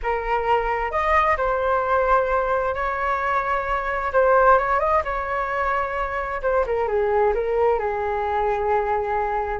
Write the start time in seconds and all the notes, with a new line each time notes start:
0.02 A#4
0.91 D#5
1.37 C5
2.74 C#5
4.12 C5
4.58 C#5
4.79 D#5
5.04 C#5
6.42 C5
6.66 A#4
6.87 G#4
7.34 A#4
7.79 G#4